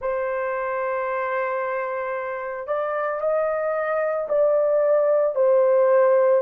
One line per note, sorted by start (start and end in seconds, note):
0.00 2.67 C5
2.67 3.20 D5
3.20 4.28 D#5
4.29 5.35 D5
5.35 6.41 C5